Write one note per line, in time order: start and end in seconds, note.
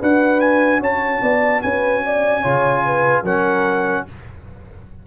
0.00 0.81 D4
0.00 2.43 F#4
0.00 0.80 B4
0.00 0.40 F#5
0.40 0.81 G#5
0.80 1.21 C#4
0.80 1.21 C#5
0.80 1.62 A5
1.22 1.62 B3
1.22 1.62 D5
1.62 2.44 C#4
1.62 2.03 B4
1.62 3.24 G#5
2.05 2.42 D5
2.42 3.23 C#3
2.42 3.24 F4
2.42 2.82 C#5
2.85 3.23 B4
3.23 4.04 F#3
3.23 4.07 C#4
3.23 4.04 A#4
3.23 4.07 F#5